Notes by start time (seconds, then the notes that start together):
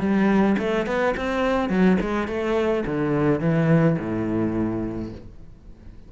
0.00 G3
0.59 A3
0.87 B3
1.17 C4
1.70 F#3
2.01 G#3
2.28 A3
2.87 D3
3.41 E3
4.00 A2